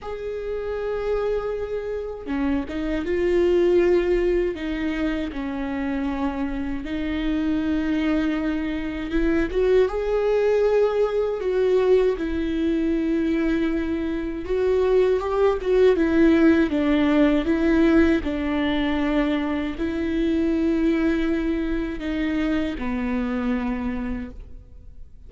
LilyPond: \new Staff \with { instrumentName = "viola" } { \time 4/4 \tempo 4 = 79 gis'2. cis'8 dis'8 | f'2 dis'4 cis'4~ | cis'4 dis'2. | e'8 fis'8 gis'2 fis'4 |
e'2. fis'4 | g'8 fis'8 e'4 d'4 e'4 | d'2 e'2~ | e'4 dis'4 b2 | }